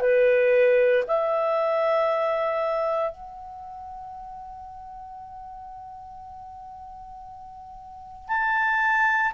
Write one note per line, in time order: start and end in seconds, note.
0.00 1.03 B4
1.07 3.11 E5
3.11 8.28 F#5
8.28 9.32 A5